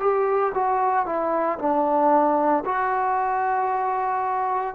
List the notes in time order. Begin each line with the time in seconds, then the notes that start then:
0.00 G4
0.55 F#4
1.06 E4
1.59 D4
2.65 F#4